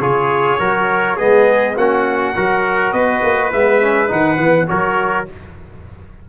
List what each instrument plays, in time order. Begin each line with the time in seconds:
0.00 tuba C#3, trombone F4, trumpet G#4 C#5
0.59 tuba F#3, trombone F#4, trumpet A#4
1.16 tuba G#3, trombone B3, trumpet G#4 D#5
1.76 tuba A#3, trombone C#4, trumpet F#4 F#5
2.35 tuba F#3, trombone F#4, trumpet A#4
2.92 tuba B3, trumpet B4 D#5
3.23 tuba A#3
3.52 tuba G#3, trombone B3, trumpet E5
3.81 trombone C#4
4.08 tuba D#3, trombone D#4, trumpet F#5
4.37 tuba E3, trombone B3
4.67 tuba F#3, trombone F#4, trumpet A#4 C#5